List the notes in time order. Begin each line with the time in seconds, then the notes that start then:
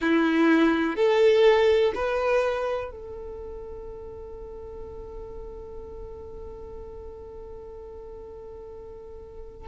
0.00 E4
0.96 A4
1.94 B4
2.91 A4